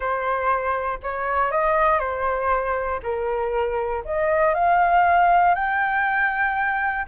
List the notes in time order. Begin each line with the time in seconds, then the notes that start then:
0.00 C5
1.02 C#5
1.51 D#5
1.99 C5
3.02 A#4
4.04 D#5
4.54 F5
5.55 G5